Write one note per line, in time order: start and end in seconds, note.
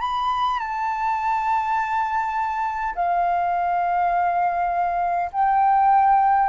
0.00 0.59 B5
0.59 2.94 A5
2.95 5.30 F5
5.32 6.49 G5